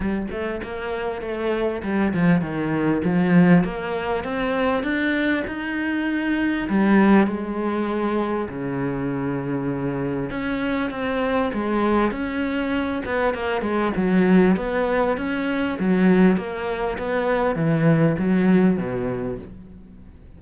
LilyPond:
\new Staff \with { instrumentName = "cello" } { \time 4/4 \tempo 4 = 99 g8 a8 ais4 a4 g8 f8 | dis4 f4 ais4 c'4 | d'4 dis'2 g4 | gis2 cis2~ |
cis4 cis'4 c'4 gis4 | cis'4. b8 ais8 gis8 fis4 | b4 cis'4 fis4 ais4 | b4 e4 fis4 b,4 | }